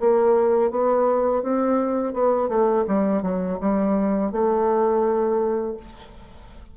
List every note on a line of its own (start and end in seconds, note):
0.00 0.71 A#3
0.71 1.43 B3
1.43 2.14 C4
2.14 2.49 B3
2.49 2.85 A3
2.88 3.22 G3
3.22 3.58 F#3
3.60 4.32 G3
4.32 5.77 A3